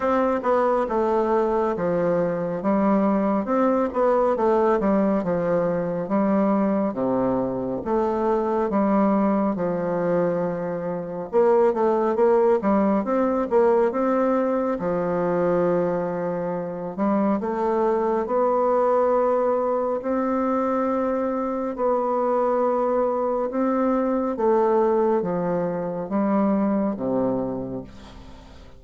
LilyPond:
\new Staff \with { instrumentName = "bassoon" } { \time 4/4 \tempo 4 = 69 c'8 b8 a4 f4 g4 | c'8 b8 a8 g8 f4 g4 | c4 a4 g4 f4~ | f4 ais8 a8 ais8 g8 c'8 ais8 |
c'4 f2~ f8 g8 | a4 b2 c'4~ | c'4 b2 c'4 | a4 f4 g4 c4 | }